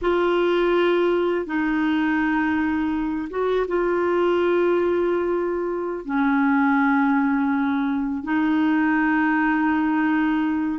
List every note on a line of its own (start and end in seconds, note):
0.01 1.46 F4
1.46 3.29 D#4
3.29 3.66 F#4
3.67 6.05 F4
6.05 8.23 C#4
8.23 10.79 D#4